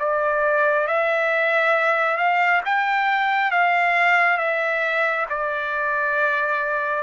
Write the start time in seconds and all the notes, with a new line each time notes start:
0.00 D5
0.87 E5
2.17 F5
2.66 G5
3.52 F5
4.38 E5
5.30 D5